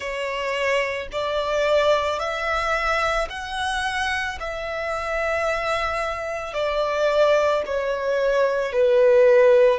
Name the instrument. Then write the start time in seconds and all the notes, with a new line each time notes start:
violin
0.00 C#5
1.12 D5
2.19 E5
3.29 F#5
4.40 E5
6.53 D5
7.66 C#5
8.72 B4